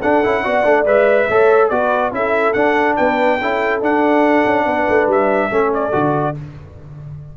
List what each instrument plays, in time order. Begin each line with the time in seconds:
0.00 trombone D4, tuba D4, horn A4, trumpet F#5
0.23 tuba C#4, trombone E4
0.42 tuba B3, trombone F#4, horn D5
0.64 tuba A3, trombone D4
0.85 tuba G#3, trombone B4, trumpet E5
1.27 tuba A3, trombone A4, horn C#5
1.69 tuba B3, trombone F#4, horn B4, trumpet D5
2.12 tuba C#4, trombone E4, horn A4, trumpet E5
2.53 trombone D4, tuba D4, trumpet F#5
2.96 tuba B3, horn B4, trumpet G5
3.40 tuba C#4, trombone E4, horn A4
3.81 tuba D4, trombone D4, trumpet F#5
4.45 tuba C#4
4.65 tuba B3, horn B4
4.88 tuba A3
5.07 tuba G3, trumpet E5
5.50 tuba A3, trombone C#4, horn A4
5.73 trumpet D5
5.92 tuba D3, trombone F#4